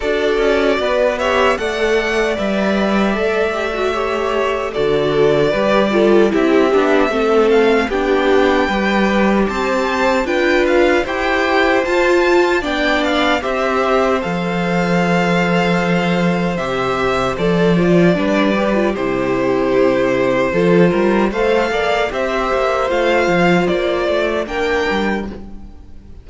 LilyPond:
<<
  \new Staff \with { instrumentName = "violin" } { \time 4/4 \tempo 4 = 76 d''4. e''8 fis''4 e''4~ | e''2 d''2 | e''4. f''8 g''2 | a''4 g''8 f''8 g''4 a''4 |
g''8 f''8 e''4 f''2~ | f''4 e''4 d''2 | c''2. f''4 | e''4 f''4 d''4 g''4 | }
  \new Staff \with { instrumentName = "violin" } { \time 4/4 a'4 b'8 cis''8 d''2~ | d''4 cis''4 a'4 b'8 a'8 | g'4 a'4 g'4 b'4 | c''4 b'4 c''2 |
d''4 c''2.~ | c''2. b'4 | g'2 a'8 ais'8 c''8 d''8 | c''2. ais'4 | }
  \new Staff \with { instrumentName = "viola" } { \time 4/4 fis'4. g'8 a'4 b'4 | a'8 g'16 fis'16 g'4 fis'4 g'8 f'8 | e'8 d'8 c'4 d'4 g'4~ | g'4 f'4 g'4 f'4 |
d'4 g'4 a'2~ | a'4 g'4 a'8 f'8 d'8 g'16 f'16 | e'2 f'4 a'4 | g'4 f'2 d'4 | }
  \new Staff \with { instrumentName = "cello" } { \time 4/4 d'8 cis'8 b4 a4 g4 | a2 d4 g4 | c'8 b8 a4 b4 g4 | c'4 d'4 e'4 f'4 |
b4 c'4 f2~ | f4 c4 f4 g4 | c2 f8 g8 a8 ais8 | c'8 ais8 a8 f8 ais8 a8 ais8 g8 | }
>>